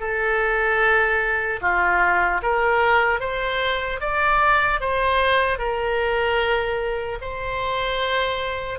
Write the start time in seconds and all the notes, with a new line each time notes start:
0.00 A4
1.61 F4
2.43 A#4
3.20 C5
4.00 D5
4.80 C5
5.58 A#4
7.21 C5